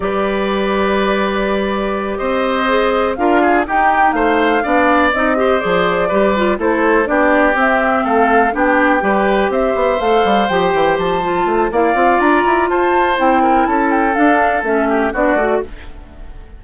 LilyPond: <<
  \new Staff \with { instrumentName = "flute" } { \time 4/4 \tempo 4 = 123 d''1~ | d''8 dis''2 f''4 g''8~ | g''8 f''2 dis''4 d''8~ | d''4. c''4 d''4 e''8~ |
e''8 f''4 g''2 e''8~ | e''8 f''4 g''4 a''4. | f''4 ais''4 a''4 g''4 | a''8 g''8 f''4 e''4 d''4 | }
  \new Staff \with { instrumentName = "oboe" } { \time 4/4 b'1~ | b'8 c''2 ais'8 gis'8 g'8~ | g'8 c''4 d''4. c''4~ | c''8 b'4 a'4 g'4.~ |
g'8 a'4 g'4 b'4 c''8~ | c''1 | d''2 c''4. ais'8 | a'2~ a'8 g'8 fis'4 | }
  \new Staff \with { instrumentName = "clarinet" } { \time 4/4 g'1~ | g'4. gis'4 f'4 dis'8~ | dis'4. d'4 dis'8 g'8 gis'8~ | gis'8 g'8 f'8 e'4 d'4 c'8~ |
c'4. d'4 g'4.~ | g'8 a'4 g'4. f'4 | e'8 f'2~ f'8 e'4~ | e'4 d'4 cis'4 d'8 fis'8 | }
  \new Staff \with { instrumentName = "bassoon" } { \time 4/4 g1~ | g8 c'2 d'4 dis'8~ | dis'8 a4 b4 c'4 f8~ | f8 g4 a4 b4 c'8~ |
c'8 a4 b4 g4 c'8 | b8 a8 g8 f8 e8 f4 a8 | ais8 c'8 d'8 e'8 f'4 c'4 | cis'4 d'4 a4 b8 a8 | }
>>